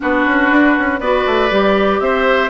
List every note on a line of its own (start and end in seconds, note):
0.00 0.26 B3
0.00 0.99 D4
0.00 1.00 F#4
0.00 0.99 B4
0.26 0.51 C#4
0.51 0.76 D4
0.78 1.00 C#4
0.99 1.25 B3
0.99 1.50 F#4
0.99 2.00 B4
0.99 1.99 D5
1.25 1.50 A3
1.50 1.99 G3
1.50 2.49 G4
1.99 2.49 C4
1.99 2.49 C5
1.99 2.49 E5